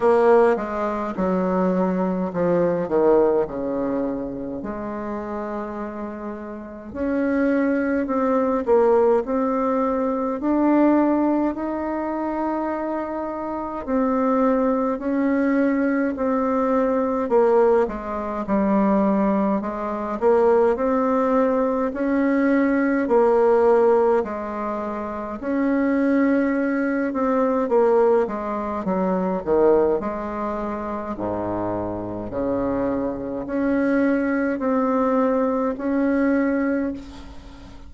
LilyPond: \new Staff \with { instrumentName = "bassoon" } { \time 4/4 \tempo 4 = 52 ais8 gis8 fis4 f8 dis8 cis4 | gis2 cis'4 c'8 ais8 | c'4 d'4 dis'2 | c'4 cis'4 c'4 ais8 gis8 |
g4 gis8 ais8 c'4 cis'4 | ais4 gis4 cis'4. c'8 | ais8 gis8 fis8 dis8 gis4 gis,4 | cis4 cis'4 c'4 cis'4 | }